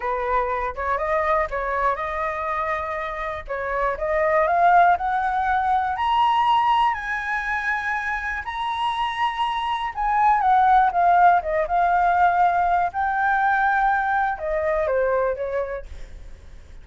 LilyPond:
\new Staff \with { instrumentName = "flute" } { \time 4/4 \tempo 4 = 121 b'4. cis''8 dis''4 cis''4 | dis''2. cis''4 | dis''4 f''4 fis''2 | ais''2 gis''2~ |
gis''4 ais''2. | gis''4 fis''4 f''4 dis''8 f''8~ | f''2 g''2~ | g''4 dis''4 c''4 cis''4 | }